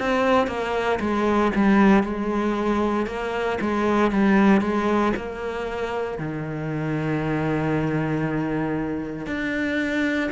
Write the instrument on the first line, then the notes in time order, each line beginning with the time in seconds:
cello
0.00 C4
0.47 A#3
1.00 G#3
1.55 G3
2.04 G#3
3.07 A#3
3.61 G#3
4.11 G3
4.61 G#3
5.17 A#3
6.18 D#3
9.27 D4